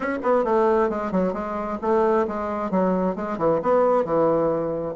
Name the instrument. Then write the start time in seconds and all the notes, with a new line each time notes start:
bassoon
0.00 C#4
0.22 B3
0.44 A3
0.89 G#3
1.11 F#3
1.33 G#3
1.81 A3
2.27 G#3
2.71 F#3
3.15 G#3
3.38 E3
3.62 B3
4.04 E3